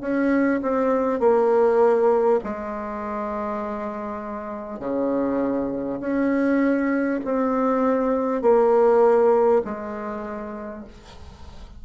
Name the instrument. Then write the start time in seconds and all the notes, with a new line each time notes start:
bassoon
0.00 C#4
0.62 C4
1.19 A#3
2.43 G#3
4.79 C#3
6.00 C#4
7.24 C4
8.42 A#3
9.64 G#3